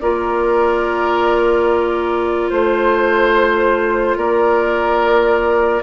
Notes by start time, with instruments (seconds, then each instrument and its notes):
0.00 bassoon A#3, clarinet F4, oboe A#4, flute D5
2.50 bassoon A3, flute C5, oboe C5
4.16 bassoon A#3, oboe A#4, flute D5